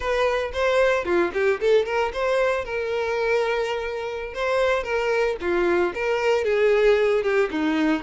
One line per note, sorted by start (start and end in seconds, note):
0.00 0.51 B4
0.53 1.04 C5
1.04 1.31 F4
1.33 1.60 G4
1.60 1.85 A4
1.85 2.12 A#4
2.13 2.65 C5
2.65 4.34 A#4
4.34 4.83 C5
4.83 5.36 A#4
5.40 5.93 F4
5.94 6.44 A#4
6.44 7.23 G#4
7.23 7.49 G4
7.50 8.02 D#4